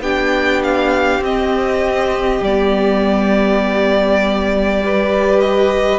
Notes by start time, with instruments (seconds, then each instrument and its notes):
0.00 cello B3, viola D4, violin G4 G5
0.63 violin F5
1.20 cello C4, viola C4, violin D#5
2.41 cello G3, viola B3, violin D5
4.82 viola G4, violin B4
5.40 violin D#5